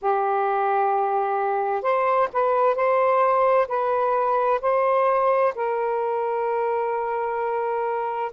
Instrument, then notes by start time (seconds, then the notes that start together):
saxophone
0.01 G4
1.82 C5
2.32 B4
2.74 C5
3.68 B4
4.61 C5
5.55 A#4